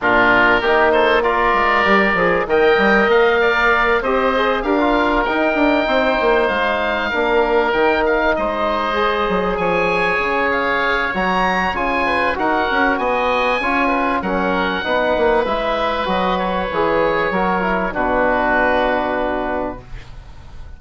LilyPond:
<<
  \new Staff \with { instrumentName = "oboe" } { \time 4/4 \tempo 4 = 97 ais'4. c''8 d''2 | g''4 f''4. dis''4 f''8~ | f''8 g''2 f''4.~ | f''8 g''8 f''8 dis''2 gis''8~ |
gis''4 f''4 ais''4 gis''4 | fis''4 gis''2 fis''4~ | fis''4 e''4 dis''8 cis''4.~ | cis''4 b'2. | }
  \new Staff \with { instrumentName = "oboe" } { \time 4/4 f'4 g'8 a'8 ais'2 | dis''4. d''4 c''4 ais'8~ | ais'4. c''2 ais'8~ | ais'4. c''2 cis''8~ |
cis''2.~ cis''8 b'8 | ais'4 dis''4 cis''8 b'8 ais'4 | b'1 | ais'4 fis'2. | }
  \new Staff \with { instrumentName = "trombone" } { \time 4/4 d'4 dis'4 f'4 g'8 gis'8 | ais'2~ ais'8 g'8 gis'8 g'16 f'16~ | f'8 dis'2. d'8~ | d'8 dis'2 gis'4.~ |
gis'2 fis'4 f'4 | fis'2 f'4 cis'4 | dis'4 e'4 fis'4 gis'4 | fis'8 e'8 d'2. | }
  \new Staff \with { instrumentName = "bassoon" } { \time 4/4 ais,4 ais4. gis8 g8 f8 | dis8 g8 ais4. c'4 d'8~ | d'8 dis'8 d'8 c'8 ais8 gis4 ais8~ | ais8 dis4 gis4. fis8 f8~ |
f8 cis4. fis4 cis4 | dis'8 cis'8 b4 cis'4 fis4 | b8 ais8 gis4 fis4 e4 | fis4 b,2. | }
>>